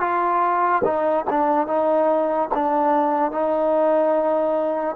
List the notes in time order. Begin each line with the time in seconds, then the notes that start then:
0.00 F4
0.84 D#4
1.30 D4
1.67 D#4
2.54 D4
3.32 D#4